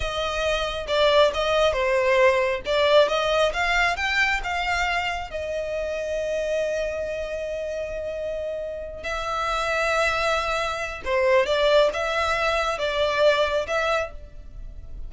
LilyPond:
\new Staff \with { instrumentName = "violin" } { \time 4/4 \tempo 4 = 136 dis''2 d''4 dis''4 | c''2 d''4 dis''4 | f''4 g''4 f''2 | dis''1~ |
dis''1~ | dis''8 e''2.~ e''8~ | e''4 c''4 d''4 e''4~ | e''4 d''2 e''4 | }